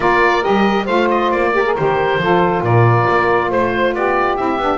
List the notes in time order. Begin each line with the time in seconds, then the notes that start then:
0.00 A#3 F4 A#4 D5
0.42 G3 G4 D#5
0.85 A3 F4 C5 F5
1.10 D#5
1.31 A#3 D5
1.53 G4 A#4
1.65 G#4
1.75 D#3 G4 C5
2.17 F3 F4 A4
2.62 A#2 A#4 D5
3.09 A#3
3.49 A3 C5
3.94 B3 G4 D5
4.36 C4 E4 E5
4.58 B3 D4